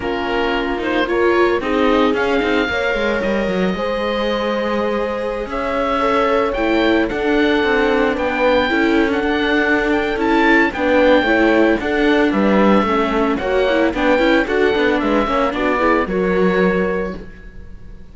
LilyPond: <<
  \new Staff \with { instrumentName = "oboe" } { \time 4/4 \tempo 4 = 112 ais'4. c''8 cis''4 dis''4 | f''2 dis''2~ | dis''2~ dis''16 e''4.~ e''16~ | e''16 g''4 fis''2 g''8.~ |
g''4 fis''4. g''8 a''4 | g''2 fis''4 e''4~ | e''4 fis''4 g''4 fis''4 | e''4 d''4 cis''2 | }
  \new Staff \with { instrumentName = "horn" } { \time 4/4 f'2 ais'4 gis'4~ | gis'4 cis''2 c''4~ | c''2~ c''16 cis''4.~ cis''16~ | cis''4~ cis''16 a'2 b'8.~ |
b'16 a'2.~ a'8. | b'4 cis''4 a'4 b'4 | a'4 cis''4 b'4 a'4 | b'8 cis''8 fis'8 gis'8 ais'2 | }
  \new Staff \with { instrumentName = "viola" } { \time 4/4 cis'4. dis'8 f'4 dis'4 | cis'8 dis'8 ais'2 gis'4~ | gis'2.~ gis'16 a'8.~ | a'16 e'4 d'2~ d'8.~ |
d'16 e'8. d'2 e'4 | d'4 e'4 d'2 | cis'4 fis'8 e'8 d'8 e'8 fis'8 d'8~ | d'8 cis'8 d'8 e'8 fis'2 | }
  \new Staff \with { instrumentName = "cello" } { \time 4/4 ais2. c'4 | cis'8 c'8 ais8 gis8 g8 fis8 gis4~ | gis2~ gis16 cis'4.~ cis'16~ | cis'16 a4 d'4 c'4 b8.~ |
b16 cis'4 d'4.~ d'16 cis'4 | b4 a4 d'4 g4 | a4 ais4 b8 cis'8 d'8 b8 | gis8 ais8 b4 fis2 | }
>>